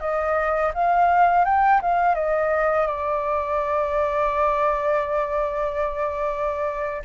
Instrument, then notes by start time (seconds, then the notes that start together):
flute
0.00 D#5
0.74 F5
1.45 G5
1.81 F5
2.15 D#5
2.87 D5